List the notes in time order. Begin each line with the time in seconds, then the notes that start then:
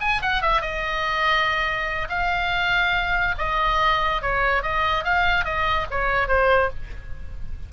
0.00 G#5
0.22 F#5
0.42 E5
0.61 D#5
2.09 F5
3.38 D#5
4.21 C#5
4.62 D#5
5.04 F5
5.44 D#5
5.90 C#5
6.27 C5